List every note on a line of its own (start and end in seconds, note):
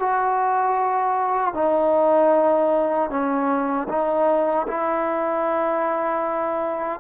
0.00 1.54 F#4
1.54 3.10 D#4
3.10 3.88 C#4
3.89 4.67 D#4
4.68 7.01 E4